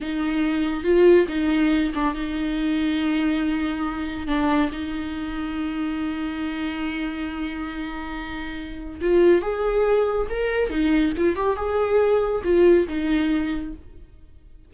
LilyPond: \new Staff \with { instrumentName = "viola" } { \time 4/4 \tempo 4 = 140 dis'2 f'4 dis'4~ | dis'8 d'8 dis'2.~ | dis'2 d'4 dis'4~ | dis'1~ |
dis'1~ | dis'4 f'4 gis'2 | ais'4 dis'4 f'8 g'8 gis'4~ | gis'4 f'4 dis'2 | }